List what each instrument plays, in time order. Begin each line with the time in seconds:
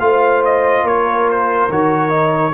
0.00 tuba A3, trombone F4, horn C5, trumpet F5
0.45 trumpet D#5
0.83 tuba A#3, horn A#4, trumpet C#5
1.30 trumpet C5
1.70 tuba D#3, trombone F#4, trumpet C#5
2.10 trombone D#4